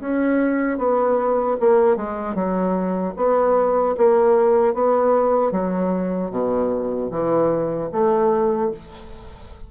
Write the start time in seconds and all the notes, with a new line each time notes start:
0.00 C#4
0.78 B3
1.60 A#3
1.97 G#3
2.35 F#3
3.17 B3
3.97 A#3
4.74 B3
5.52 F#3
6.31 B2
7.11 E3
7.92 A3